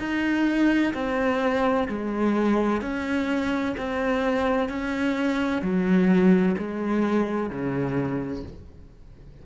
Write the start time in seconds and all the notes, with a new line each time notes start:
0.00 D#4
0.94 C4
1.88 G#3
2.82 C#4
3.78 C4
4.70 C#4
5.62 F#3
6.58 G#3
7.50 C#3